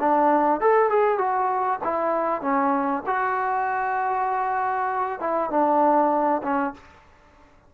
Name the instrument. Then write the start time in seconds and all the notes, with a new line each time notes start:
trombone
0.00 D4
0.61 A4
0.90 G#4
1.19 F#4
1.84 E4
2.42 C#4
3.07 F#4
5.20 E4
5.50 D4
6.43 C#4